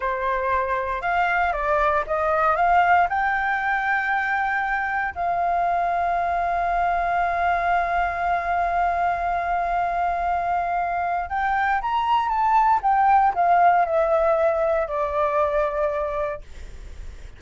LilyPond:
\new Staff \with { instrumentName = "flute" } { \time 4/4 \tempo 4 = 117 c''2 f''4 d''4 | dis''4 f''4 g''2~ | g''2 f''2~ | f''1~ |
f''1~ | f''2 g''4 ais''4 | a''4 g''4 f''4 e''4~ | e''4 d''2. | }